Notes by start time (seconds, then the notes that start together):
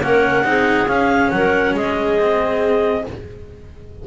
0.00 A#3 C#4 A#4 F#5
0.43 C4 D#4 G#4
0.86 C#4 F5
1.30 F#3 A#4 F#5
1.74 G#3 G#4 D#5
2.19 C4